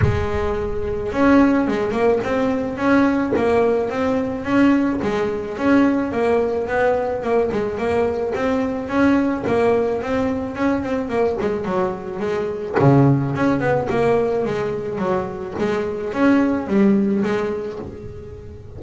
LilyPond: \new Staff \with { instrumentName = "double bass" } { \time 4/4 \tempo 4 = 108 gis2 cis'4 gis8 ais8 | c'4 cis'4 ais4 c'4 | cis'4 gis4 cis'4 ais4 | b4 ais8 gis8 ais4 c'4 |
cis'4 ais4 c'4 cis'8 c'8 | ais8 gis8 fis4 gis4 cis4 | cis'8 b8 ais4 gis4 fis4 | gis4 cis'4 g4 gis4 | }